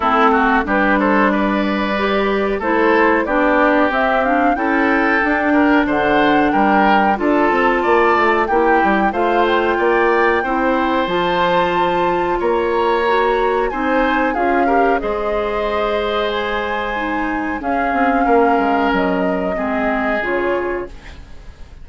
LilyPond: <<
  \new Staff \with { instrumentName = "flute" } { \time 4/4 \tempo 4 = 92 a'4 b'8 c''8 d''2 | c''4 d''4 e''8 f''8 g''4~ | g''4 fis''4 g''4 a''4~ | a''4 g''4 f''8 g''4.~ |
g''4 a''2 ais''4~ | ais''4 gis''4 f''4 dis''4~ | dis''4 gis''2 f''4~ | f''4 dis''2 cis''4 | }
  \new Staff \with { instrumentName = "oboe" } { \time 4/4 e'8 fis'8 g'8 a'8 b'2 | a'4 g'2 a'4~ | a'8 ais'8 c''4 ais'4 a'4 | d''4 g'4 c''4 d''4 |
c''2. cis''4~ | cis''4 c''4 gis'8 ais'8 c''4~ | c''2. gis'4 | ais'2 gis'2 | }
  \new Staff \with { instrumentName = "clarinet" } { \time 4/4 c'4 d'2 g'4 | e'4 d'4 c'8 d'8 e'4 | d'2. f'4~ | f'4 e'4 f'2 |
e'4 f'2. | fis'4 dis'4 f'8 g'8 gis'4~ | gis'2 dis'4 cis'4~ | cis'2 c'4 f'4 | }
  \new Staff \with { instrumentName = "bassoon" } { \time 4/4 a4 g2. | a4 b4 c'4 cis'4 | d'4 d4 g4 d'8 c'8 | ais8 a8 ais8 g8 a4 ais4 |
c'4 f2 ais4~ | ais4 c'4 cis'4 gis4~ | gis2. cis'8 c'8 | ais8 gis8 fis4 gis4 cis4 | }
>>